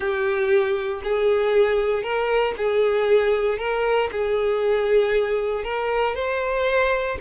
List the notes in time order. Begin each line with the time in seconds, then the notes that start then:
0.00 G4
1.03 G#4
2.03 A#4
2.57 G#4
3.58 A#4
4.11 G#4
5.63 A#4
6.15 C5